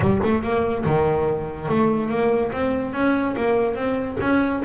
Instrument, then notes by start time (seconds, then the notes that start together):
double bass
0.00 G3
0.23 A3
0.42 A#3
0.85 D#3
1.68 A3
2.09 A#3
2.52 C4
2.93 C#4
3.36 A#3
3.75 C4
4.20 C#4